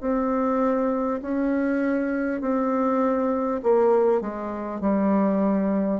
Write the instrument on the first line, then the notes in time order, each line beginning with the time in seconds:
bassoon
0.00 C4
1.21 C#4
2.41 C4
3.63 A#3
4.21 G#3
4.80 G3